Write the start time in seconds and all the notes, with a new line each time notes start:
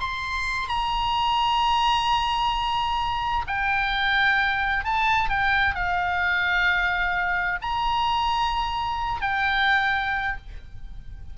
0.00 C6
0.69 A#5
3.47 G5
4.85 A5
5.30 G5
5.75 F5
7.62 A#5
9.21 G5